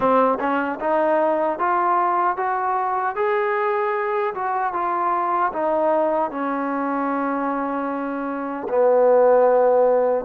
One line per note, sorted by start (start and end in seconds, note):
0.00 0.38 C4
0.39 0.79 C#4
0.79 1.58 D#4
1.59 2.36 F4
2.36 3.15 F#4
3.15 4.34 G#4
4.34 4.73 F#4
4.73 5.52 F4
5.53 6.30 D#4
6.30 8.67 C#4
8.68 10.25 B3